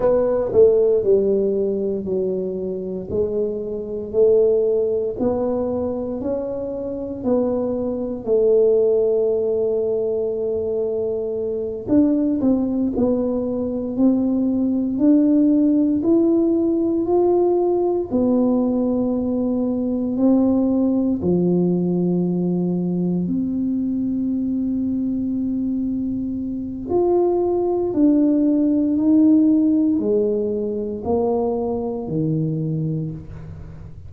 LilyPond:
\new Staff \with { instrumentName = "tuba" } { \time 4/4 \tempo 4 = 58 b8 a8 g4 fis4 gis4 | a4 b4 cis'4 b4 | a2.~ a8 d'8 | c'8 b4 c'4 d'4 e'8~ |
e'8 f'4 b2 c'8~ | c'8 f2 c'4.~ | c'2 f'4 d'4 | dis'4 gis4 ais4 dis4 | }